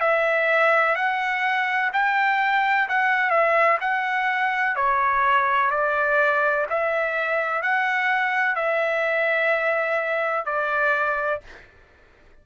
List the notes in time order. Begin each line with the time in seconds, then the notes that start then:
0.00 E5
0.95 F#5
1.93 G5
2.88 F#5
3.30 E5
3.81 F#5
4.76 C#5
5.71 D5
6.70 E5
7.62 F#5
8.55 E5
10.45 D5